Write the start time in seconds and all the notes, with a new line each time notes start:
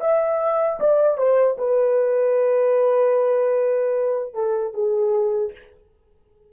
0.00 E5
0.79 D5
1.17 C5
1.58 B4
4.33 A4
4.73 G#4